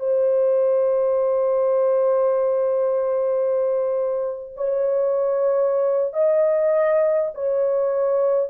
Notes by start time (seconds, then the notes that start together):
0.00 C5
4.57 C#5
6.14 D#5
7.35 C#5